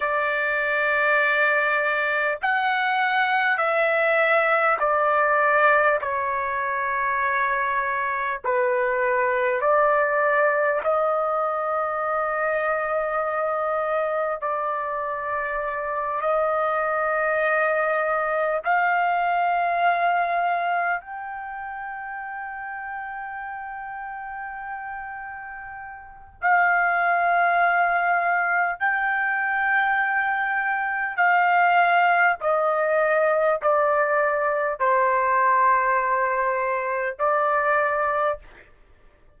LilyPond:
\new Staff \with { instrumentName = "trumpet" } { \time 4/4 \tempo 4 = 50 d''2 fis''4 e''4 | d''4 cis''2 b'4 | d''4 dis''2. | d''4. dis''2 f''8~ |
f''4. g''2~ g''8~ | g''2 f''2 | g''2 f''4 dis''4 | d''4 c''2 d''4 | }